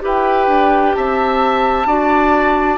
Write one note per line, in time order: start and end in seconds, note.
0.00 0.47 E4
0.00 1.85 G4
0.00 0.96 B4
0.00 0.95 G5
0.47 0.93 D4
0.95 1.85 C4
0.95 1.87 E5
0.95 2.78 A5
1.85 2.78 D4
1.85 2.78 F#4
1.85 2.78 D5